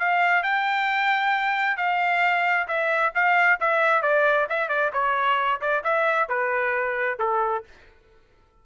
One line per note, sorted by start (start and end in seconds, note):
0.00 0.43 F5
0.43 1.78 G5
1.78 2.68 F5
2.68 3.13 E5
3.15 3.60 F5
3.61 4.03 E5
4.03 4.48 D5
4.50 4.69 E5
4.69 4.92 D5
4.93 5.61 C#5
5.61 5.84 D5
5.84 6.29 E5
6.29 7.19 B4
7.19 7.64 A4